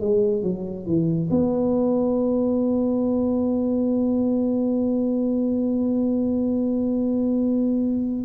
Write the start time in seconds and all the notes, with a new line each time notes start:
0.00 G#3
0.43 F#3
0.85 E3
1.30 B3